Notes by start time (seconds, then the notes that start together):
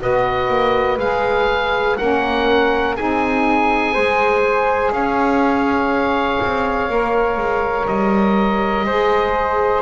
0.00 B3 F#4 B4 D#5
0.49 A#3
0.98 G#3 G#4 F5
1.98 A#3 C#4 A#4 F#5
2.97 C4 D#4 G#4 G#5
3.94 G#3 G#4 C5
4.92 C#4 C#5 F5
6.42 C4
6.90 A#3 A#4
7.37 G#3
7.87 G3 D#5
8.85 G#3 G#4 C5